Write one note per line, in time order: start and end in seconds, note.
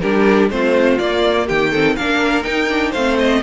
0.00 0.49 G3
0.00 0.50 D4
0.00 0.50 G4
0.00 0.49 A#4
0.49 0.98 A3
0.49 0.99 C4
0.49 1.46 F4
0.49 0.98 C5
0.98 1.73 A#3
0.98 1.49 A#3
0.98 1.47 D5
1.46 1.97 D#3
1.46 1.71 G4
1.46 1.96 G5
1.71 1.97 C4
1.71 1.95 A4
1.96 2.45 A#3
1.96 2.43 D4
1.96 2.90 A#4
1.96 2.43 F5
2.43 2.68 D#4
2.43 2.94 D#4
2.43 2.92 G5
2.69 2.93 D4
2.90 3.42 A3
2.90 3.42 C4
2.90 3.39 C5
2.90 3.17 F5
3.18 3.42 D#5